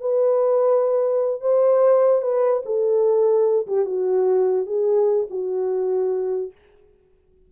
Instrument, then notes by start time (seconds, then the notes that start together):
horn
0.00 B4
1.41 C5
2.22 B4
2.65 A4
3.67 G4
3.85 F#4
4.66 G#4
5.30 F#4